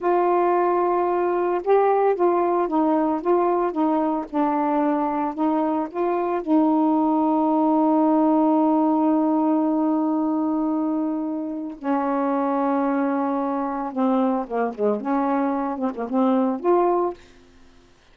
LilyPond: \new Staff \with { instrumentName = "saxophone" } { \time 4/4 \tempo 4 = 112 f'2. g'4 | f'4 dis'4 f'4 dis'4 | d'2 dis'4 f'4 | dis'1~ |
dis'1~ | dis'2 cis'2~ | cis'2 c'4 ais8 gis8 | cis'4. c'16 ais16 c'4 f'4 | }